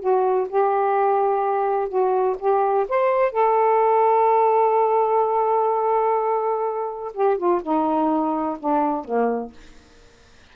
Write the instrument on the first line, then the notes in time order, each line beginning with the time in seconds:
saxophone
0.00 F#4
0.49 G4
1.89 F#4
2.40 G4
2.89 C5
3.32 A4
7.14 G4
7.38 F4
7.63 D#4
8.60 D4
9.05 A#3